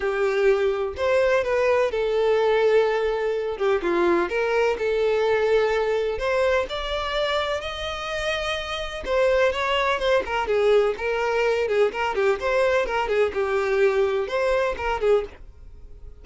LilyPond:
\new Staff \with { instrumentName = "violin" } { \time 4/4 \tempo 4 = 126 g'2 c''4 b'4 | a'2.~ a'8 g'8 | f'4 ais'4 a'2~ | a'4 c''4 d''2 |
dis''2. c''4 | cis''4 c''8 ais'8 gis'4 ais'4~ | ais'8 gis'8 ais'8 g'8 c''4 ais'8 gis'8 | g'2 c''4 ais'8 gis'8 | }